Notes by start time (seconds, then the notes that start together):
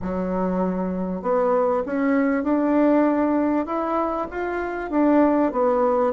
0.02 F#3
1.21 B3
1.86 C#4
2.43 D4
3.65 E4
4.30 F4
4.90 D4
5.52 B3